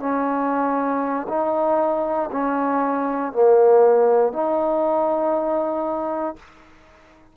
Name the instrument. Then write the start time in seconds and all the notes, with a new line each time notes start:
trombone
0.00 C#4
1.29 D#4
2.32 C#4
3.33 A#3
4.33 D#4